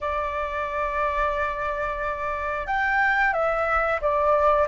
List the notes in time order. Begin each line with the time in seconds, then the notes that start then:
0.00 D5
2.66 G5
3.33 E5
4.01 D5